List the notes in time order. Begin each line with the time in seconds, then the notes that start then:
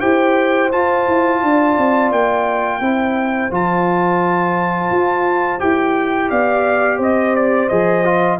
0.00 E4 G4 C5 G5
0.72 F4 A5
1.07 E4
1.42 D4 D5
1.77 C4
2.11 A#3 G5
2.80 C4 E4 C5
3.50 F3 F4 A5
4.90 F4
5.59 E4 G4 G5
6.29 B3 D5 F5
6.97 C4 C5 D#5
7.35 D5
7.68 F3 G#4 D#5
8.04 F4